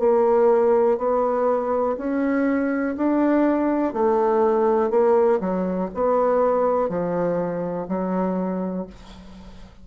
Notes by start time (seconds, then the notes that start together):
0.00 A#3
0.98 B3
1.98 C#4
2.97 D4
3.94 A3
4.90 A#3
5.41 F#3
5.95 B3
6.89 F3
7.89 F#3